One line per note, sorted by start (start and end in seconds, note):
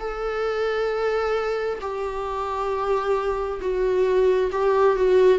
0.00 1.79 A4
1.81 3.60 G4
3.61 4.51 F#4
4.51 4.96 G4
4.96 5.39 F#4